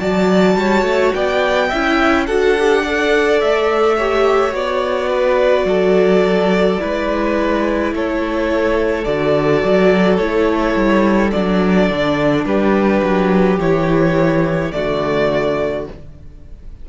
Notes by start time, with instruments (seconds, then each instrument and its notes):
0.00 cello F#3, viola F#4, violin D5 A5
0.57 cello G3, violin C#5
0.83 cello A3
1.14 cello B3, violin D5 G5
1.68 cello C#4, viola E4, violin E5
2.27 cello D4, viola F#4, violin A4 F#5
2.59 viola G4
2.83 viola A4, violin D5
3.41 cello A3, violin E5
3.97 viola G4, violin C#5
4.51 cello B3, viola F#4, violin D5
5.10 violin B4
5.65 cello F#3, violin A4
6.79 cello G#3, viola E4, violin B4
7.93 cello A3, violin A4 C#5
9.05 cello D3, viola F#4, violin D5
9.64 cello F#3
10.18 cello A3, viola E4, violin C#5
10.76 cello G3
11.32 cello F#3, viola D4, violin D5
11.90 cello D3
12.45 cello G3, violin G4 B4
13.03 cello F#3
13.59 cello E3, viola E4, violin C#5
14.72 cello D3, viola A3, violin F#4 D5